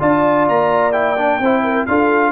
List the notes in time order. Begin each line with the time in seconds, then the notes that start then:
0.00 D4 F4 D5 A5
0.49 A#3 A#5
0.92 E4 G5
1.17 D4
1.39 C4 E4 C5
1.64 A#4
1.86 D4 F4 A4 F5